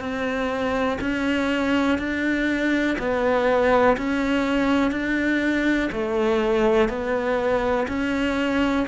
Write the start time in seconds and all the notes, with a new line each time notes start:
0.00 C4
1.01 C#4
1.98 D4
2.98 B3
3.97 C#4
4.91 D4
5.92 A3
6.89 B3
7.88 C#4